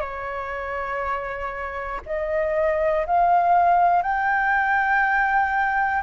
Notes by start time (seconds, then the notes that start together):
0.00 C#5
2.05 D#5
3.06 F5
4.02 G5